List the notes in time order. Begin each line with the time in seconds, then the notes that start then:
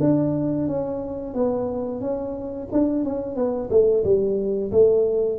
0.00 D4
0.68 C#4
1.34 B3
2.01 C#4
2.72 D4
3.05 C#4
3.36 B3
3.70 A3
4.04 G3
4.72 A3